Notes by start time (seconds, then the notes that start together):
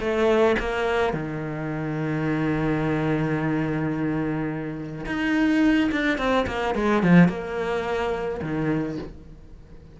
0.00 A3
0.59 A#3
1.13 D#3
5.06 D#4
5.91 D4
6.18 C4
6.47 A#3
6.75 G#3
7.02 F3
7.28 A#3
8.42 D#3